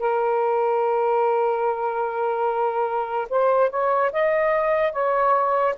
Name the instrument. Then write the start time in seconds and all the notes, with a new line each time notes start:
saxophone
0.00 A#4
3.30 C5
3.71 C#5
4.13 D#5
4.93 C#5